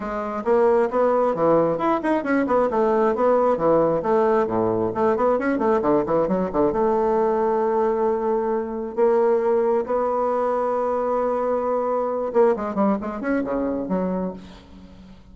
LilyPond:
\new Staff \with { instrumentName = "bassoon" } { \time 4/4 \tempo 4 = 134 gis4 ais4 b4 e4 | e'8 dis'8 cis'8 b8 a4 b4 | e4 a4 a,4 a8 b8 | cis'8 a8 d8 e8 fis8 d8 a4~ |
a1 | ais2 b2~ | b2.~ b8 ais8 | gis8 g8 gis8 cis'8 cis4 fis4 | }